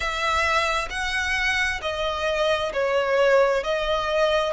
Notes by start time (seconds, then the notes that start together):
0.00 E5
0.90 F#5
1.81 D#5
2.73 C#5
3.63 D#5